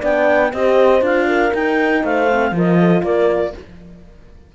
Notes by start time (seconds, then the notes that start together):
0.00 B3 D4 D5 G5
0.53 C4 G4 C5 D#5
1.01 D4 F4 F5
1.28 A#4
1.54 D#4 G5
2.04 A3 C5 F5
2.30 C4
2.52 F3 F4 A#4
2.58 D#5
2.80 A4
3.03 A#3 A#4 D5